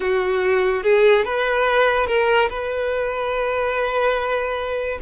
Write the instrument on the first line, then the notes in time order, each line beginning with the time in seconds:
violin
0.00 F#4
0.83 G#4
1.24 B4
2.06 A#4
2.49 B4